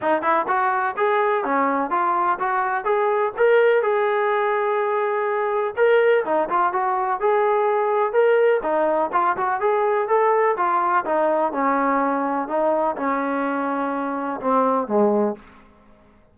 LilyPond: \new Staff \with { instrumentName = "trombone" } { \time 4/4 \tempo 4 = 125 dis'8 e'8 fis'4 gis'4 cis'4 | f'4 fis'4 gis'4 ais'4 | gis'1 | ais'4 dis'8 f'8 fis'4 gis'4~ |
gis'4 ais'4 dis'4 f'8 fis'8 | gis'4 a'4 f'4 dis'4 | cis'2 dis'4 cis'4~ | cis'2 c'4 gis4 | }